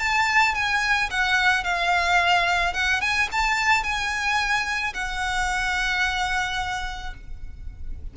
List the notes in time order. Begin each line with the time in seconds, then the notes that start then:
0.00 A5
0.55 G#5
1.11 F#5
1.64 F5
2.74 F#5
3.02 G#5
3.32 A5
3.84 G#5
4.94 F#5